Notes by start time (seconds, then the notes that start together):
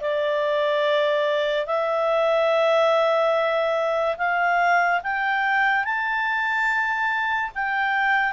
0.00 D5
1.66 E5
4.17 F5
5.03 G5
5.84 A5
7.55 G5